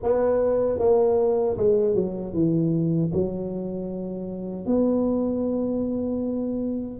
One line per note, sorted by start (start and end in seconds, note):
0.02 0.78 B3
0.78 1.56 A#3
1.57 1.94 G#3
1.94 2.33 F#3
2.33 3.11 E3
3.13 4.66 F#3
4.66 6.99 B3